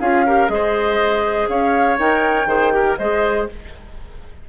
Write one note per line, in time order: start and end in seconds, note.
0.00 0.49 C#4
0.00 0.26 F4
0.00 0.25 G#4
0.00 0.49 F5
0.26 0.48 G4
0.26 0.51 A#4
0.48 1.48 G#3
0.48 1.96 G#4
0.48 1.49 C5
0.48 1.48 D#5
1.48 1.98 C#4
1.48 2.48 C#5
1.48 1.98 F5
1.98 2.46 D#4
1.98 2.48 A#4
1.98 2.97 G5
2.46 2.95 D#3
2.46 2.71 G#4
2.46 2.73 C5
2.71 2.96 G4
2.71 2.98 A#4
2.97 3.49 G#3
2.97 3.49 G#4
2.97 3.48 C5
2.97 3.47 D#5